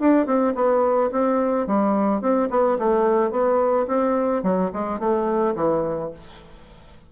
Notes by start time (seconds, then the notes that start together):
0.00 D4
0.26 C4
0.55 B3
1.12 C4
1.67 G3
2.21 C4
2.50 B3
2.79 A3
3.31 B3
3.88 C4
4.43 F#3
4.73 G#3
5.00 A3
5.56 E3